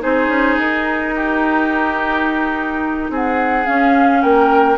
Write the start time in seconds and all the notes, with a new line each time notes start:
0.00 C4 D#4 G#4 C5
0.28 C#4
0.59 D#4 A#4
1.16 G4
3.10 C4 G#4 F#5
3.65 C#4 F5
4.22 A#3 A#4 G5